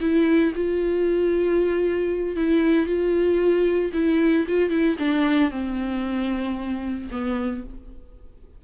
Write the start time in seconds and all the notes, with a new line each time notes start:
0.00 E4
0.55 F4
2.36 E4
2.86 F4
3.93 E4
4.47 F4
4.70 E4
4.99 D4
5.51 C4
7.11 B3